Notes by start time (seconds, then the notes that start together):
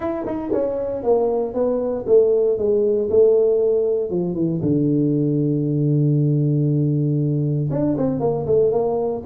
0.00 E4
0.26 D#4
0.52 C#4
1.03 A#3
1.54 B3
2.07 A3
2.58 G#3
3.09 A3
4.10 F3
4.34 E3
4.62 D3
7.70 D4
7.97 C4
8.20 A#3
8.46 A3
8.71 A#3